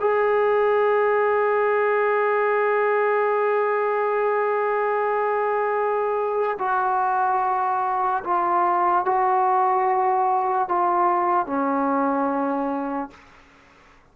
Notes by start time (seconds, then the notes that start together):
0.00 G#4
6.59 F#4
8.24 F4
9.05 F#4
10.68 F4
11.46 C#4